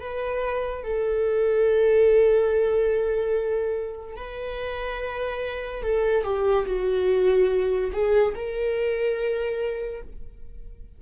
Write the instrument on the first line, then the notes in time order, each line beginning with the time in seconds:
viola
0.00 B4
0.83 A4
4.16 B4
5.83 A4
6.23 G4
6.66 F#4
7.92 G#4
8.35 A#4